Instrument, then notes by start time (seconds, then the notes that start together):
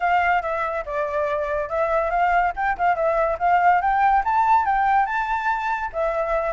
flute
0.00 F5
0.41 E5
0.85 D5
1.69 E5
2.10 F5
2.56 G5
2.78 F5
2.95 E5
3.38 F5
3.81 G5
4.24 A5
4.65 G5
5.06 A5
5.93 E5